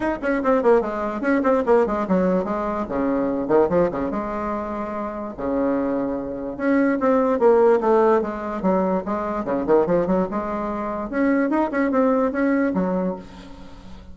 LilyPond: \new Staff \with { instrumentName = "bassoon" } { \time 4/4 \tempo 4 = 146 dis'8 cis'8 c'8 ais8 gis4 cis'8 c'8 | ais8 gis8 fis4 gis4 cis4~ | cis8 dis8 f8 cis8 gis2~ | gis4 cis2. |
cis'4 c'4 ais4 a4 | gis4 fis4 gis4 cis8 dis8 | f8 fis8 gis2 cis'4 | dis'8 cis'8 c'4 cis'4 fis4 | }